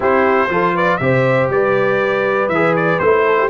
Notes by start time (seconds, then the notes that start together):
0.00 C4 E4 G4 C5
0.49 F3 F4 A4
0.75 B4 D5
0.97 C3 G4 C5 E5
1.49 G3 B4 D5
2.48 E3 G#4 E5
2.76 D5
2.99 A3 E4 C5
3.26 A4
3.39 G4